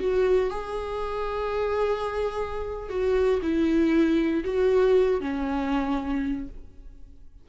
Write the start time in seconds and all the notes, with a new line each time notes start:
0.00 F#4
0.50 G#4
2.90 F#4
3.43 E4
4.45 F#4
5.21 C#4